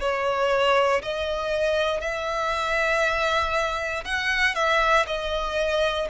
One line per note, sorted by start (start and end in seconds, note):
0.00 1.02 C#5
1.02 2.01 D#5
2.01 4.04 E5
4.04 4.55 F#5
4.55 5.06 E5
5.07 6.08 D#5